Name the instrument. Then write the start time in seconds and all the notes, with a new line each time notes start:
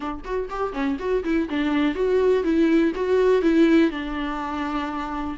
viola
0.00 D4
0.24 F#4
0.49 G4
0.73 C#4
0.99 F#4
1.24 E4
1.49 D4
1.94 F#4
2.43 E4
2.95 F#4
3.41 E4
3.90 D4